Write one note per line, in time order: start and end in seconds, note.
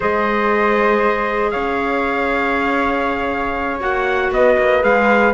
0.00 1.54 G#3
0.00 3.80 G#4
0.00 1.51 C5
0.00 1.50 D#5
1.50 3.81 C#4
1.50 4.31 C#5
1.50 3.79 F5
3.80 4.31 A#3
3.80 4.81 F#4
3.80 4.32 F#5
4.31 4.56 B3
4.31 5.33 B4
4.31 4.83 D#5
4.58 4.83 A#3
4.81 5.33 G#3
4.81 5.32 G#4
4.81 5.33 F5